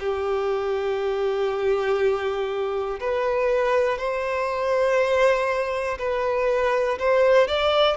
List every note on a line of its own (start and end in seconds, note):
0.00 3.00 G4
3.00 3.99 B4
3.99 5.99 C5
5.99 6.99 B4
6.99 7.48 C5
7.48 7.97 D5